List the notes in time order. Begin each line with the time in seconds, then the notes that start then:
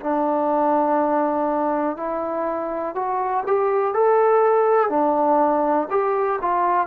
0.00 D4
1.96 E4
2.95 F#4
3.46 G4
3.93 A4
4.89 D4
5.90 G4
6.41 F4